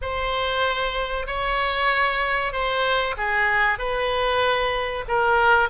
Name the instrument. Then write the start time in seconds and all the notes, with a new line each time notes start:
oboe
0.01 C5
1.27 C#5
2.52 C5
3.17 G#4
3.78 B4
5.08 A#4